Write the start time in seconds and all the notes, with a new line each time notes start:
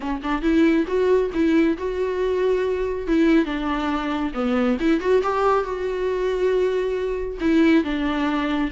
0.00 C#4
0.22 D4
0.42 E4
0.87 F#4
1.33 E4
1.77 F#4
3.07 E4
3.45 D4
4.34 B3
4.80 E4
5.00 F#4
5.22 G4
5.64 F#4
7.40 E4
7.84 D4